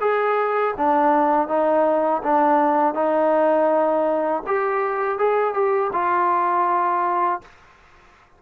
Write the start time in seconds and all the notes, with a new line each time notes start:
0.00 G#4
0.77 D4
1.47 D#4
2.23 D4
2.94 D#4
4.46 G4
5.18 G#4
5.54 G4
5.93 F4